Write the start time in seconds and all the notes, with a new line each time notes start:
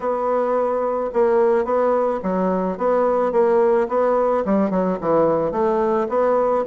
0.00 B3
1.13 A#3
1.64 B3
2.22 F#3
2.77 B3
3.32 A#3
3.88 B3
4.45 G3
4.70 F#3
5.00 E3
5.52 A3
6.08 B3